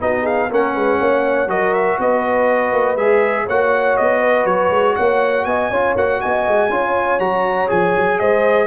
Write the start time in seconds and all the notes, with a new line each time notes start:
0.00 B3 D#4 F#4 D#5
0.22 G#4 F5
0.50 A#3 C#4 A#4 F#5
0.74 G#3 B4
1.00 A#3 C#5
1.48 F#3 F#4 A#4 D#5
1.74 E5
1.99 B3 B4 D#5
2.73 A#3
2.96 G#3 G#4 E5
3.45 A#3 F#4 C#5 F#5
3.97 B3 D#5
4.20 B4
4.45 F#3 C#5
4.70 G#3
4.96 A#3 C#5 F#5
5.45 B3 D#5 G#5
5.71 C#4 F4 C#5
5.95 A#3 F#4 F#5
6.21 B3 D#5 G#5
6.48 G#3
6.69 C#4 F4 C#5
7.20 F#3 F#4 A#5
7.67 F3 G#4 G#5
7.97 F#3
8.19 G#3 C5 D#5